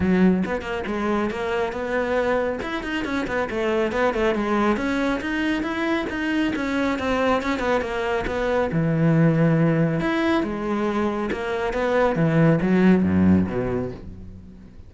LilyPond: \new Staff \with { instrumentName = "cello" } { \time 4/4 \tempo 4 = 138 fis4 b8 ais8 gis4 ais4 | b2 e'8 dis'8 cis'8 b8 | a4 b8 a8 gis4 cis'4 | dis'4 e'4 dis'4 cis'4 |
c'4 cis'8 b8 ais4 b4 | e2. e'4 | gis2 ais4 b4 | e4 fis4 fis,4 b,4 | }